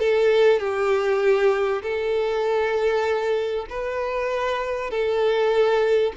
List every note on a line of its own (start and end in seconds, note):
0.00 0.60 A4
0.60 1.83 G4
1.83 3.67 A4
3.70 4.91 B4
4.91 6.13 A4